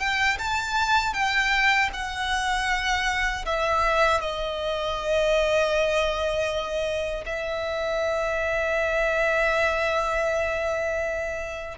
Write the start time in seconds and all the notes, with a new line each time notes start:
0.00 G5
0.38 A5
1.14 G5
1.93 F#5
3.46 E5
4.21 D#5
7.26 E5